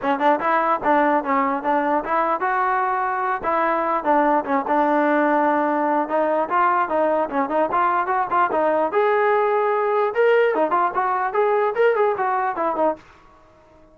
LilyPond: \new Staff \with { instrumentName = "trombone" } { \time 4/4 \tempo 4 = 148 cis'8 d'8 e'4 d'4 cis'4 | d'4 e'4 fis'2~ | fis'8 e'4. d'4 cis'8 d'8~ | d'2. dis'4 |
f'4 dis'4 cis'8 dis'8 f'4 | fis'8 f'8 dis'4 gis'2~ | gis'4 ais'4 dis'8 f'8 fis'4 | gis'4 ais'8 gis'8 fis'4 e'8 dis'8 | }